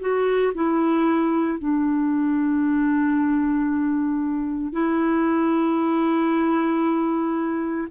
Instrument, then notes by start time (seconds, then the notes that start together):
clarinet
0.00 F#4
0.55 E4
1.58 D4
4.72 E4